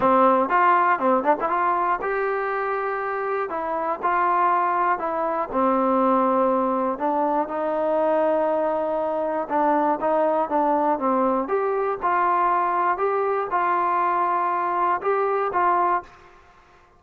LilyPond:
\new Staff \with { instrumentName = "trombone" } { \time 4/4 \tempo 4 = 120 c'4 f'4 c'8 d'16 e'16 f'4 | g'2. e'4 | f'2 e'4 c'4~ | c'2 d'4 dis'4~ |
dis'2. d'4 | dis'4 d'4 c'4 g'4 | f'2 g'4 f'4~ | f'2 g'4 f'4 | }